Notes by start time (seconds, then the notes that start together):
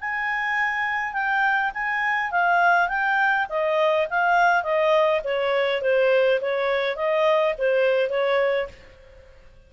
0.00 G#5
1.13 G5
1.73 G#5
2.31 F5
2.88 G5
3.49 D#5
4.10 F5
4.63 D#5
5.24 C#5
5.81 C5
6.41 C#5
6.96 D#5
7.58 C5
8.09 C#5